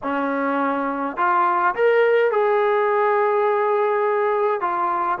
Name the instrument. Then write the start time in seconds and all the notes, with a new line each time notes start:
trombone
0.03 C#4
1.17 F4
1.75 A#4
2.31 G#4
4.60 F4